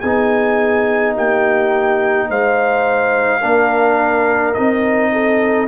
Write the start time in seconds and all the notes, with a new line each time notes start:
0.00 B3 D#4 G#4 G#5
1.15 A#3 G4 G5
2.29 G#3 C5 F5
3.40 A#3 D4 A#4
4.53 C4 D#4 D#5
5.12 A4